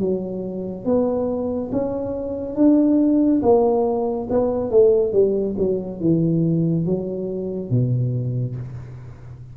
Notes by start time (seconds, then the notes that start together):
0.00 F#3
0.85 B3
1.72 C#4
2.56 D4
3.42 A#3
4.31 B3
4.71 A3
5.13 G3
5.59 F#3
6.01 E3
6.86 F#3
7.71 B2